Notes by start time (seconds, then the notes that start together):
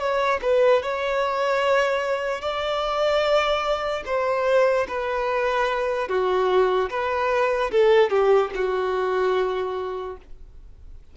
0.00 C#5
0.42 B4
0.83 C#5
2.42 D5
4.06 C5
4.88 B4
6.09 F#4
6.90 B4
7.72 A4
8.10 G4
8.55 F#4